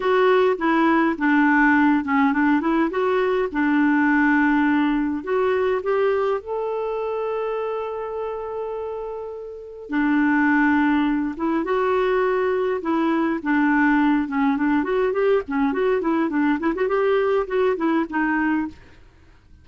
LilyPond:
\new Staff \with { instrumentName = "clarinet" } { \time 4/4 \tempo 4 = 103 fis'4 e'4 d'4. cis'8 | d'8 e'8 fis'4 d'2~ | d'4 fis'4 g'4 a'4~ | a'1~ |
a'4 d'2~ d'8 e'8 | fis'2 e'4 d'4~ | d'8 cis'8 d'8 fis'8 g'8 cis'8 fis'8 e'8 | d'8 e'16 fis'16 g'4 fis'8 e'8 dis'4 | }